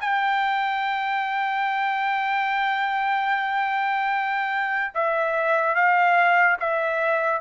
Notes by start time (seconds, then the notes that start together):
0.00 G5
4.94 E5
5.75 F5
6.60 E5